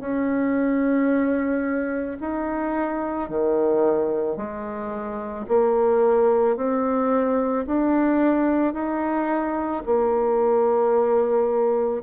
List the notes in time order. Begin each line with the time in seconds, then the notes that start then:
0.00 C#4
2.21 D#4
3.29 D#3
4.37 G#3
5.48 A#3
6.57 C4
7.67 D4
8.74 D#4
9.86 A#3